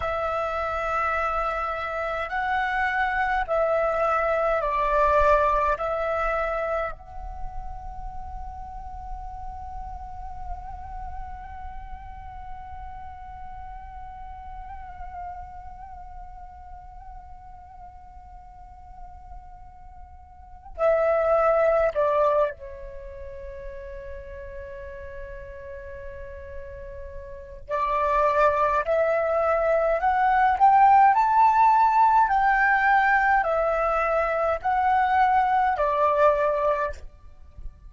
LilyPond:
\new Staff \with { instrumentName = "flute" } { \time 4/4 \tempo 4 = 52 e''2 fis''4 e''4 | d''4 e''4 fis''2~ | fis''1~ | fis''1~ |
fis''2 e''4 d''8 cis''8~ | cis''1 | d''4 e''4 fis''8 g''8 a''4 | g''4 e''4 fis''4 d''4 | }